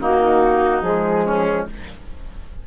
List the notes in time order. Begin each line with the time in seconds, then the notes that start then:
0.00 D#3 A#3 D#4 F#4
0.82 F3 G#3 G#4
1.25 C#4